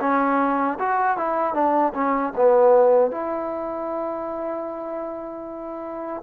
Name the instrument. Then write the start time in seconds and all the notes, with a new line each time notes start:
trombone
0.00 C#4
0.79 F#4
1.17 E4
1.54 D4
1.94 C#4
2.36 B3
3.11 E4